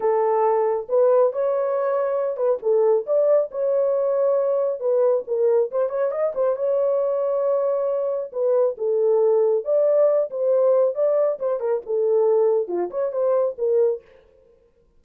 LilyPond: \new Staff \with { instrumentName = "horn" } { \time 4/4 \tempo 4 = 137 a'2 b'4 cis''4~ | cis''4. b'8 a'4 d''4 | cis''2. b'4 | ais'4 c''8 cis''8 dis''8 c''8 cis''4~ |
cis''2. b'4 | a'2 d''4. c''8~ | c''4 d''4 c''8 ais'8 a'4~ | a'4 f'8 cis''8 c''4 ais'4 | }